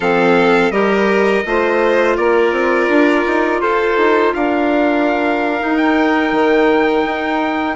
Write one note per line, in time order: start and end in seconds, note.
0.00 0.70 F3
0.00 0.72 C4
0.00 0.72 A4
0.00 0.71 F5
0.70 1.43 G3
0.70 1.44 G4
0.70 1.44 A#4
0.70 2.15 D#5
1.45 2.17 A3
1.45 5.59 F4
1.45 2.16 C5
2.16 2.52 A#3
2.16 3.60 A#4
2.16 3.61 D5
2.52 2.88 C4
2.88 3.24 D4
3.26 3.61 D#4
3.61 3.97 F4
3.61 4.33 A4
3.61 4.33 C5
3.97 4.33 D#4
4.34 5.61 D4
4.34 7.76 A#4
4.34 5.77 F5
5.59 7.76 D#4
5.59 6.31 D#4
5.77 7.76 G5
6.31 7.04 D#3
7.05 7.76 D#4